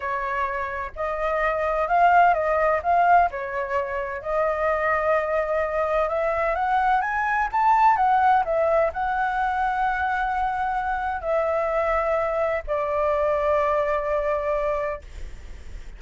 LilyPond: \new Staff \with { instrumentName = "flute" } { \time 4/4 \tempo 4 = 128 cis''2 dis''2 | f''4 dis''4 f''4 cis''4~ | cis''4 dis''2.~ | dis''4 e''4 fis''4 gis''4 |
a''4 fis''4 e''4 fis''4~ | fis''1 | e''2. d''4~ | d''1 | }